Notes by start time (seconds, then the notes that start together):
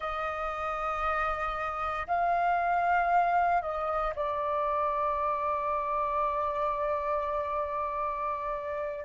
0.00 D#5
2.07 F5
3.62 D#5
4.15 D5